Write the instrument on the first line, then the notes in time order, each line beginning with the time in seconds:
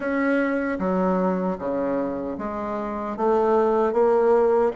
bassoon
0.00 C#4
0.78 F#3
1.58 C#3
2.38 G#3
3.17 A3
3.93 A#3